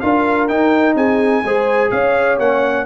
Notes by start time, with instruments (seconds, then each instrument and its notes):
0.00 tuba D4, trombone F4, horn A#4, trumpet F5
0.48 trombone D#4, tuba D#4, trumpet G5
0.95 tuba C4, horn G#4, trumpet G#5
1.43 tuba G#3, trombone G#4, horn C5
1.91 tuba C#4, horn C#5, trumpet F5
2.39 tuba A#3, trombone C#4, trumpet F#5